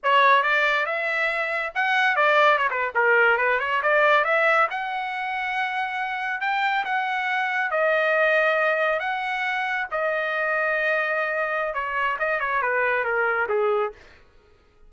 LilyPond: \new Staff \with { instrumentName = "trumpet" } { \time 4/4 \tempo 4 = 138 cis''4 d''4 e''2 | fis''4 d''4 cis''16 b'8 ais'4 b'16~ | b'16 cis''8 d''4 e''4 fis''4~ fis''16~ | fis''2~ fis''8. g''4 fis''16~ |
fis''4.~ fis''16 dis''2~ dis''16~ | dis''8. fis''2 dis''4~ dis''16~ | dis''2. cis''4 | dis''8 cis''8 b'4 ais'4 gis'4 | }